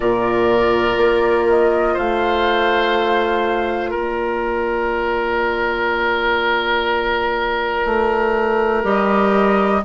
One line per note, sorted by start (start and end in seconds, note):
0.00 0.96 A#2
0.00 8.83 F4
0.00 1.93 A#4
0.00 1.47 D5
0.96 1.95 A#3
1.49 1.97 D#5
1.93 3.94 A3
1.93 3.90 C5
1.93 3.93 F5
3.90 7.85 A#3
3.90 9.80 A#4
3.90 8.85 D5
7.85 8.83 A3
8.83 9.82 G3
8.83 9.82 G4
8.83 9.84 D#5